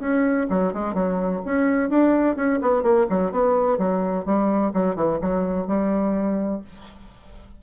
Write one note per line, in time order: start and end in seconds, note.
0.00 0.47 C#4
0.50 0.73 F#3
0.73 0.94 G#3
0.94 1.42 F#3
1.46 1.90 C#4
1.90 2.36 D4
2.36 2.60 C#4
2.62 2.83 B3
2.83 3.07 A#3
3.10 3.32 F#3
3.32 3.78 B3
3.78 4.26 F#3
4.26 4.73 G3
4.74 4.96 F#3
4.96 5.20 E3
5.22 5.68 F#3
5.68 6.62 G3